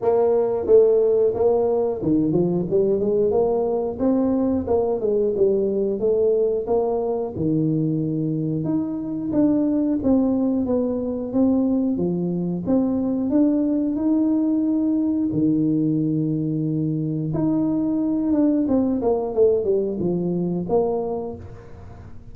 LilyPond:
\new Staff \with { instrumentName = "tuba" } { \time 4/4 \tempo 4 = 90 ais4 a4 ais4 dis8 f8 | g8 gis8 ais4 c'4 ais8 gis8 | g4 a4 ais4 dis4~ | dis4 dis'4 d'4 c'4 |
b4 c'4 f4 c'4 | d'4 dis'2 dis4~ | dis2 dis'4. d'8 | c'8 ais8 a8 g8 f4 ais4 | }